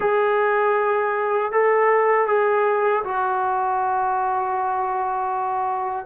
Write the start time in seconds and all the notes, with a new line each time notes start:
0.00 G#4
1.52 A4
2.27 G#4
3.04 F#4